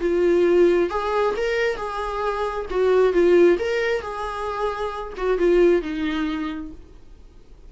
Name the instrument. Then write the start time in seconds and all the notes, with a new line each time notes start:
viola
0.00 F4
0.90 G#4
1.37 A#4
1.76 G#4
2.70 F#4
3.13 F4
3.59 A#4
4.01 G#4
5.17 F#4
5.38 F4
5.82 D#4